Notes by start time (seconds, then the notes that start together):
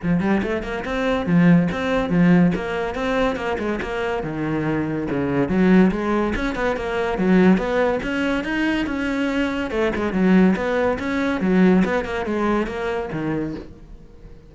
0.02 F3
0.20 G3
0.42 A3
0.62 A#3
0.84 C4
1.26 F3
1.71 C4
2.09 F3
2.55 A#3
2.94 C4
3.36 A#3
3.58 G#3
3.82 A#3
4.23 D#3
5.10 C#3
5.48 F#3
5.91 G#3
6.35 C#4
6.55 B3
6.76 A#3
7.18 F#3
7.57 B3
8.02 C#4
8.44 D#4
8.86 C#4
9.70 A3
9.95 G#3
10.12 F#3
10.55 B3
10.98 C#4
11.41 F#3
11.85 B3
12.04 A#3
12.25 G#3
12.66 A#3
13.12 D#3